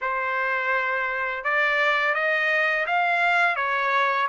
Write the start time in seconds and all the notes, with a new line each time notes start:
0.01 C5
1.44 D5
2.14 D#5
2.86 F5
3.56 C#5